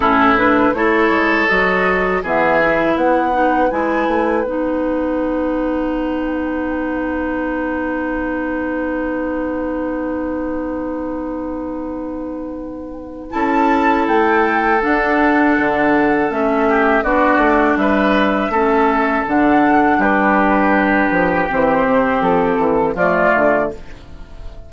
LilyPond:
<<
  \new Staff \with { instrumentName = "flute" } { \time 4/4 \tempo 4 = 81 a'8 b'8 cis''4 dis''4 e''4 | fis''4 gis''4 fis''2~ | fis''1~ | fis''1~ |
fis''2 a''4 g''4 | fis''2 e''4 d''4 | e''2 fis''4 b'4~ | b'4 c''4 a'4 d''4 | }
  \new Staff \with { instrumentName = "oboe" } { \time 4/4 e'4 a'2 gis'4 | b'1~ | b'1~ | b'1~ |
b'2 a'2~ | a'2~ a'8 g'8 fis'4 | b'4 a'2 g'4~ | g'2. f'4 | }
  \new Staff \with { instrumentName = "clarinet" } { \time 4/4 cis'8 d'8 e'4 fis'4 b8 e'8~ | e'8 dis'8 e'4 dis'2~ | dis'1~ | dis'1~ |
dis'2 e'2 | d'2 cis'4 d'4~ | d'4 cis'4 d'2~ | d'4 c'2 a4 | }
  \new Staff \with { instrumentName = "bassoon" } { \time 4/4 a,4 a8 gis8 fis4 e4 | b4 gis8 a8 b2~ | b1~ | b1~ |
b2 cis'4 a4 | d'4 d4 a4 b8 a8 | g4 a4 d4 g4~ | g8 f8 e8 c8 f8 e8 f8 d8 | }
>>